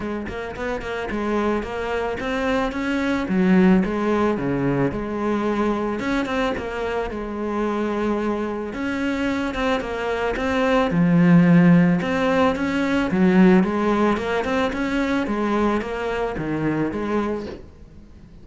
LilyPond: \new Staff \with { instrumentName = "cello" } { \time 4/4 \tempo 4 = 110 gis8 ais8 b8 ais8 gis4 ais4 | c'4 cis'4 fis4 gis4 | cis4 gis2 cis'8 c'8 | ais4 gis2. |
cis'4. c'8 ais4 c'4 | f2 c'4 cis'4 | fis4 gis4 ais8 c'8 cis'4 | gis4 ais4 dis4 gis4 | }